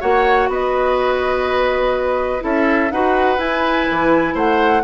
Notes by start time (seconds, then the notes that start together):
0.00 A#3 F#4 C#5 F#5
0.48 B3 B4 D#5
2.40 C#4 E4 A4 E5
2.91 D#4 F#4 B4 F#5
3.37 E4 G#5
3.91 E3
4.34 A3 C5 F#5